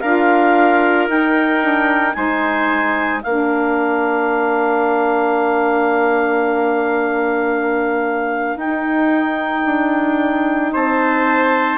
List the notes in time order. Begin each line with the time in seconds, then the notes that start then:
0.00 D4 F4 A#4 F5
1.08 D#4 G5
1.61 D4
2.14 G#3 D#4 C5 G#5
3.23 A#3 D4 A#4 F5
8.56 D#4 G5
9.65 D4
10.73 C4 C5 A5